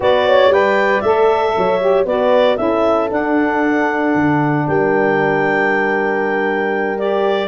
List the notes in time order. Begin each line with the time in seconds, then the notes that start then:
0.00 B3 F#4 B4 D5
0.26 C#5
0.49 G3 B4 D5 G5
1.00 A3 A4 E5
1.57 F#3 C#5
1.80 G4
2.05 B3 F#4 B4 D5
2.56 C#4 E4 A4 E5
3.08 D4 F#5
4.14 D3
4.67 G3 A#4 G5
6.98 G4 D5